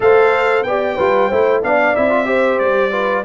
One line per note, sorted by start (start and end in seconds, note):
0.00 0.63 A3
0.00 0.64 A4
0.00 0.67 C5
0.00 0.63 F5
0.63 0.96 B3
0.63 0.99 G4
0.63 0.95 D5
0.63 1.61 G5
0.95 1.31 G3
0.95 1.31 F4
0.95 1.28 B4
1.28 1.63 A3
1.28 1.62 E4
1.28 1.61 C5
1.62 1.96 B3
1.62 1.95 D4
1.62 2.27 D5
1.62 1.95 F5
1.95 2.60 C4
1.95 2.09 E4
1.95 2.59 E5
2.09 2.25 F4
2.25 2.90 G4
2.25 2.91 C5
2.59 3.24 G3
2.59 3.24 D5
2.91 3.23 F4
2.91 3.24 B4